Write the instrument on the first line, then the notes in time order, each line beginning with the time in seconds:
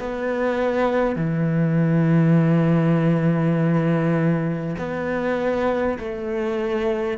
cello
0.00 B3
1.16 E3
4.78 B3
5.99 A3